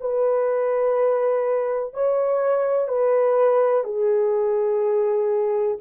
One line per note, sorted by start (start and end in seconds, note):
0.00 1.93 B4
1.93 2.88 C#5
2.88 3.84 B4
3.84 5.77 G#4